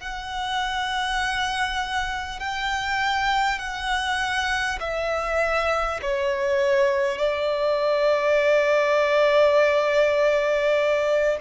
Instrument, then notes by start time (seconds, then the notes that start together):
violin
0.00 F#5
2.39 G5
3.59 F#5
4.80 E5
6.02 C#5
7.18 D5